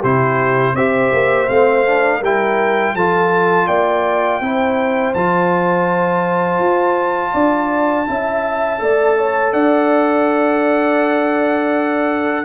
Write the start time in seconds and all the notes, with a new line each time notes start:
0.00 C3 E4 G4 C5
0.74 C4 G4 C5 E5
1.12 A#3
1.49 A3 C4 F5
1.86 D4
2.19 G3 E4 A#4 G5
2.95 F3 F4 A4 A5
3.68 A#3 D5 G5
4.41 C4 E4 C5
5.14 F3 F4 A5
6.60 F4
7.33 D4 D5
8.07 C#4 E4 E5
8.79 A3 A4 D5
9.18 C#5
9.53 D4 D5 F#5